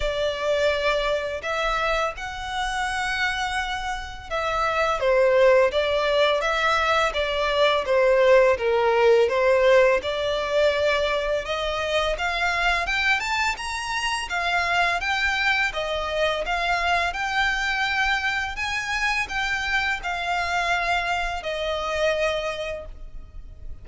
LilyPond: \new Staff \with { instrumentName = "violin" } { \time 4/4 \tempo 4 = 84 d''2 e''4 fis''4~ | fis''2 e''4 c''4 | d''4 e''4 d''4 c''4 | ais'4 c''4 d''2 |
dis''4 f''4 g''8 a''8 ais''4 | f''4 g''4 dis''4 f''4 | g''2 gis''4 g''4 | f''2 dis''2 | }